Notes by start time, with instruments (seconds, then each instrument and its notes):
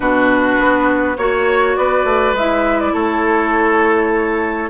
0.00 bassoon B2, clarinet D4, oboe F#4, flute B4
0.58 bassoon B3
1.17 bassoon A#3, clarinet F#4, flute C#5, oboe C#5
1.75 bassoon B3, oboe B4, flute D5
2.04 bassoon A3
2.33 bassoon G#3, clarinet E4, flute E5
2.80 flute D5
2.93 bassoon A3, oboe A4, flute C#5